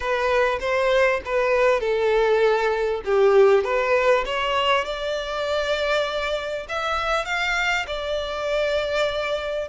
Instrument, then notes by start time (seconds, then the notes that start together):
violin
0.00 B4
0.60 C5
1.25 B4
1.80 A4
3.05 G4
3.64 B4
4.25 C#5
4.85 D5
6.68 E5
7.25 F5
7.86 D5